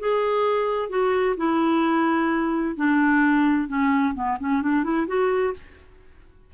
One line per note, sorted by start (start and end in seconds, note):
0.00 0.90 G#4
0.90 1.36 F#4
1.37 2.76 E4
2.76 3.68 D4
3.68 4.14 C#4
4.15 4.38 B3
4.40 4.62 C#4
4.62 4.84 D4
4.84 5.07 E4
5.07 5.54 F#4